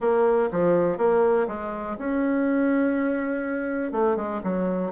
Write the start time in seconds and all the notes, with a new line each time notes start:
0.00 A#3
0.51 F3
0.97 A#3
1.47 G#3
1.98 C#4
3.92 A3
4.16 G#3
4.43 F#3